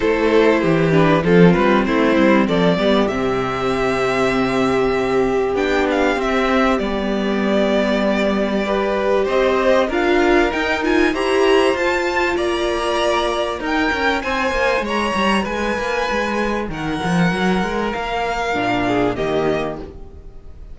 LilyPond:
<<
  \new Staff \with { instrumentName = "violin" } { \time 4/4 \tempo 4 = 97 c''4. b'8 a'8 b'8 c''4 | d''4 e''2.~ | e''4 g''8 f''8 e''4 d''4~ | d''2. dis''4 |
f''4 g''8 gis''8 ais''4 a''4 | ais''2 g''4 gis''4 | ais''4 gis''2 fis''4~ | fis''4 f''2 dis''4 | }
  \new Staff \with { instrumentName = "violin" } { \time 4/4 a'4 g'4 f'4 e'4 | a'8 g'2.~ g'8~ | g'1~ | g'2 b'4 c''4 |
ais'2 c''2 | d''2 ais'4 c''4 | cis''4 b'2 ais'4~ | ais'2~ ais'8 gis'8 g'4 | }
  \new Staff \with { instrumentName = "viola" } { \time 4/4 e'4. d'8 c'2~ | c'8 b8 c'2.~ | c'4 d'4 c'4 b4~ | b2 g'2 |
f'4 dis'8 f'8 g'4 f'4~ | f'2 dis'2~ | dis'1~ | dis'2 d'4 ais4 | }
  \new Staff \with { instrumentName = "cello" } { \time 4/4 a4 e4 f8 g8 a8 g8 | f8 g8 c2.~ | c4 b4 c'4 g4~ | g2. c'4 |
d'4 dis'4 e'4 f'4 | ais2 dis'8 cis'8 c'8 ais8 | gis8 g8 gis8 ais8 gis4 dis8 f8 | fis8 gis8 ais4 ais,4 dis4 | }
>>